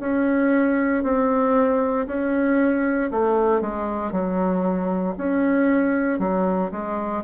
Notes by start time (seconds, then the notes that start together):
0.00 C#4
1.03 C4
2.07 C#4
3.12 A3
3.62 G#3
4.12 F#3
5.18 C#4
6.20 F#3
6.72 G#3